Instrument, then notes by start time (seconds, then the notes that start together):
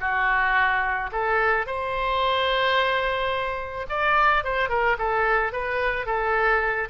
oboe
0.00 F#4
1.12 A4
1.66 C5
3.89 D5
4.44 C5
4.69 A#4
4.98 A4
5.52 B4
6.06 A4